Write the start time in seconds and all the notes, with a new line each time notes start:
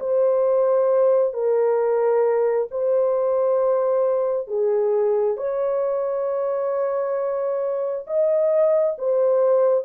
0.00 C5
1.34 A#4
2.72 C5
4.48 G#4
5.37 C#5
8.07 D#5
8.99 C5